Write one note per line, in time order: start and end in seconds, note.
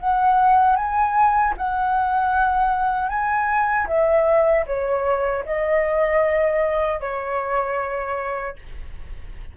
0.00 0.77 F#5
0.77 1.55 G#5
1.58 3.09 F#5
3.09 3.87 G#5
3.88 4.66 E5
4.67 5.45 C#5
5.45 7.01 D#5
7.01 8.56 C#5